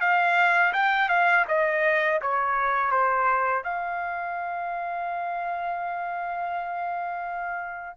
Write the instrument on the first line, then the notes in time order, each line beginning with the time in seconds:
trumpet
0.00 F5
0.73 G5
1.08 F5
1.48 D#5
2.21 C#5
2.91 C5
3.63 F5